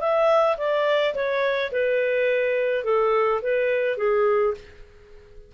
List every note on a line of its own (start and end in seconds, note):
0.00 0.57 E5
0.57 1.14 D5
1.14 1.71 C#5
1.72 2.84 B4
2.84 3.41 A4
3.42 3.97 B4
3.97 4.54 G#4